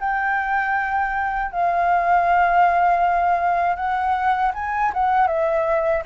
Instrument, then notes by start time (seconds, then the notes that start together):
flute
0.00 G5
1.52 F5
3.76 F#5
4.54 G#5
4.94 F#5
5.28 E5